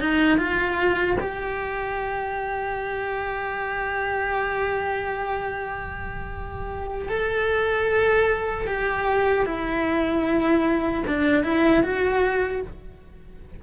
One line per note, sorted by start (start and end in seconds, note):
0.00 0.38 D#4
0.38 1.17 F4
1.21 7.09 G4
7.09 8.67 A4
8.67 9.46 G4
9.46 11.04 E4
11.08 11.44 D4
11.44 11.83 E4
11.83 12.62 F#4